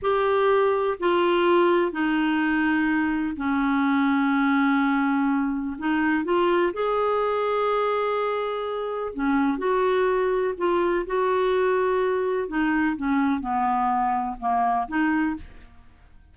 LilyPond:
\new Staff \with { instrumentName = "clarinet" } { \time 4/4 \tempo 4 = 125 g'2 f'2 | dis'2. cis'4~ | cis'1 | dis'4 f'4 gis'2~ |
gis'2. cis'4 | fis'2 f'4 fis'4~ | fis'2 dis'4 cis'4 | b2 ais4 dis'4 | }